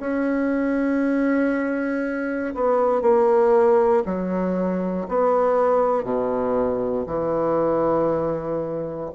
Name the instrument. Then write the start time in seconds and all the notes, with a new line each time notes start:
bassoon
0.00 C#4
2.55 B3
3.02 A#3
4.06 F#3
5.09 B3
6.04 B2
7.07 E3